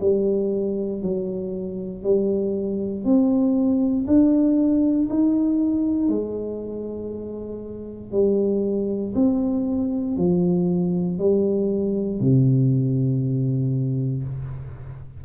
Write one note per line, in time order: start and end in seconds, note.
0.00 1.02 G3
1.02 2.03 F#3
2.03 3.04 G3
3.04 4.06 C4
4.06 5.08 D4
5.09 6.08 D#4
6.08 8.12 G#3
8.12 9.13 G3
9.15 10.16 C4
10.16 11.18 F3
11.18 12.20 G3
12.20 14.23 C3